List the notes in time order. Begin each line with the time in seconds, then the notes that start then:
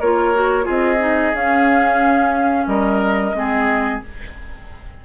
0.00 A#3 F4 A#4 C#5
0.34 F#4
0.63 C4 F4 G#4
0.69 D#5
0.99 D#4
1.33 C#4 F5
2.67 G3 A#4 D#5
3.34 G#3 C4 G#4